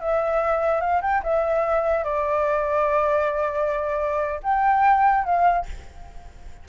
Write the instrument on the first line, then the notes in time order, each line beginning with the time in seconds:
flute
0.00 E5
0.80 F5
1.01 G5
1.23 E5
2.04 D5
4.42 G5
5.24 F5